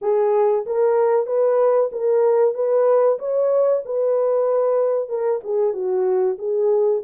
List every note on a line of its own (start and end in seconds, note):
0.01 0.65 G#4
0.66 1.26 A#4
1.26 1.90 B4
1.91 2.54 A#4
2.54 3.18 B4
3.19 3.82 C#5
3.85 5.08 B4
5.08 5.40 A#4
5.43 5.73 G#4
5.73 6.37 F#4
6.38 7.02 G#4